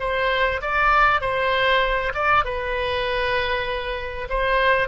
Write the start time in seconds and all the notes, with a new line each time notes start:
0.00 C5
0.62 D5
1.21 C5
2.14 D5
2.45 B4
4.29 C5